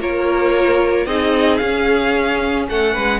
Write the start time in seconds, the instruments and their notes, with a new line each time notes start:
0.00 cello A#3, viola F4, violin A#4 C#5
1.05 cello C4, viola D#4, violin G#4 D#5
1.57 viola C#4, cello C#4, violin F5
2.69 cello A3, violin A4 F#5
2.93 cello G#3, violin B4